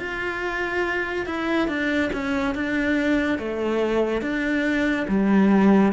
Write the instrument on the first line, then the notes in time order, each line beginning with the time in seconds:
cello
0.00 F4
1.26 E4
1.69 D4
2.13 C#4
2.55 D4
3.39 A3
4.22 D4
5.09 G3